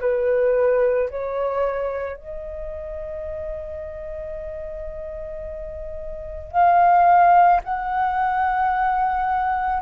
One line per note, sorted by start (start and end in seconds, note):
0.00 1.09 B4
1.10 2.17 C#5
2.17 6.52 D#5
6.52 7.61 F5
7.64 9.82 F#5